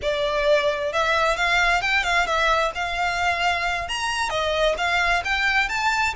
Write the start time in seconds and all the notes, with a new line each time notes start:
0.01 D5
0.93 E5
1.36 F5
1.81 G5
2.03 F5
2.26 E5
2.74 F5
3.88 A#5
4.29 D#5
4.77 F5
5.24 G5
5.69 A5